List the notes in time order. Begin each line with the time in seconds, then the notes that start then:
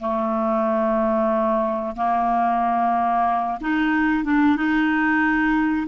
0.00 A3
1.96 A#3
3.61 D#4
4.24 D4
4.56 D#4